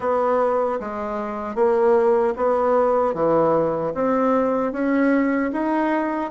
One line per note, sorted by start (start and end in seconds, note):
0.00 0.79 B3
0.80 1.55 G#3
1.55 2.34 A#3
2.36 3.14 B3
3.14 3.93 E3
3.94 4.72 C4
4.72 5.51 C#4
5.52 6.31 D#4